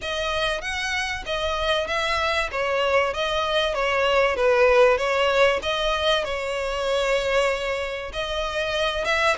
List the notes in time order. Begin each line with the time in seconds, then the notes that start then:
0.01 D#5
0.61 F#5
1.26 D#5
1.87 E5
2.51 C#5
3.13 D#5
3.74 C#5
4.36 B4
4.97 C#5
5.62 D#5
6.24 C#5
8.12 D#5
9.05 E5